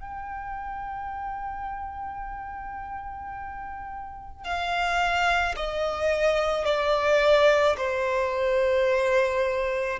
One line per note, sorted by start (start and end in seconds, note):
0.00 4.44 G5
4.44 5.55 F5
5.56 6.65 D#5
6.65 7.76 D5
7.77 9.99 C5